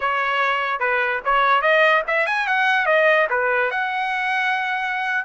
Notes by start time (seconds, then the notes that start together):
0.00 C#5
0.79 B4
1.24 C#5
1.61 D#5
2.07 E5
2.26 G#5
2.47 F#5
2.86 D#5
3.30 B4
3.71 F#5